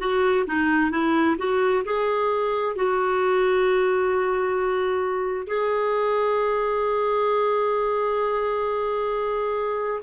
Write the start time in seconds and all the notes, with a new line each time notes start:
0.00 F#4
0.48 D#4
0.91 E4
1.39 F#4
1.86 G#4
2.76 F#4
5.48 G#4